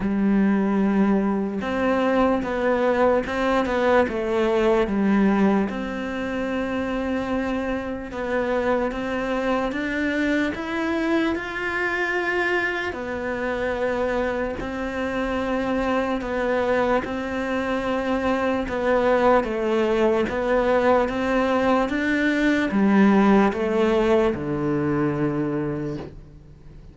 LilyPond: \new Staff \with { instrumentName = "cello" } { \time 4/4 \tempo 4 = 74 g2 c'4 b4 | c'8 b8 a4 g4 c'4~ | c'2 b4 c'4 | d'4 e'4 f'2 |
b2 c'2 | b4 c'2 b4 | a4 b4 c'4 d'4 | g4 a4 d2 | }